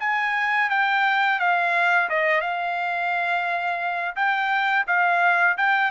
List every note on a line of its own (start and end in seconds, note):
0.00 0.70 G#5
0.70 1.40 G5
1.40 2.09 F5
2.10 2.41 D#5
2.41 4.16 F5
4.16 4.86 G5
4.87 5.57 F5
5.58 5.91 G5